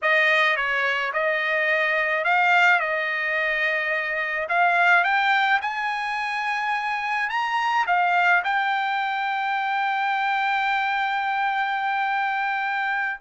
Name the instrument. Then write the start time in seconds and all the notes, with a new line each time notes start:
trumpet
0.02 D#5
0.56 C#5
1.13 D#5
2.24 F5
2.79 D#5
4.49 F5
5.03 G5
5.61 G#5
7.29 A#5
7.87 F5
8.43 G5